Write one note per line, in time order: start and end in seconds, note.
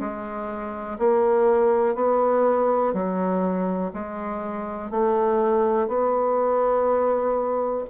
0.00 0.98 G#3
0.99 1.95 A#3
1.95 2.94 B3
2.94 3.92 F#3
3.94 4.91 G#3
4.91 5.88 A3
5.88 7.85 B3